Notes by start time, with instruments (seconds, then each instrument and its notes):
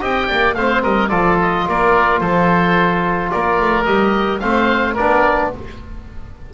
0.00 double bass C4, trombone G4, oboe D#5 G5
0.27 double bass A#3, oboe D5
0.54 double bass A3, trombone C4, oboe C5 F5
0.83 double bass G3, oboe A#4 D#5
1.09 double bass F3, trombone F4, oboe A4 D5
1.42 oboe D#5
1.68 double bass A#3, oboe A#4 D5
2.20 double bass F3, oboe A4 C5
3.31 double bass A#3, oboe A#4 D5
3.61 double bass A3
3.85 double bass G3, trombone G4, oboe D#5
4.39 double bass A3, trombone C4, oboe C5 F5
4.94 double bass B3, trombone D4, oboe A#4 D5